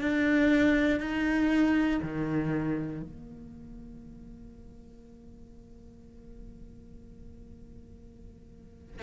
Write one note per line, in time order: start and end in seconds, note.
0.00 1.00 D4
1.00 2.00 D#4
2.02 3.02 D#3
3.02 9.02 A#3